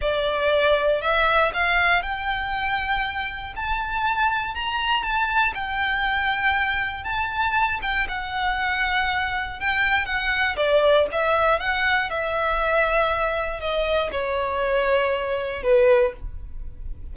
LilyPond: \new Staff \with { instrumentName = "violin" } { \time 4/4 \tempo 4 = 119 d''2 e''4 f''4 | g''2. a''4~ | a''4 ais''4 a''4 g''4~ | g''2 a''4. g''8 |
fis''2. g''4 | fis''4 d''4 e''4 fis''4 | e''2. dis''4 | cis''2. b'4 | }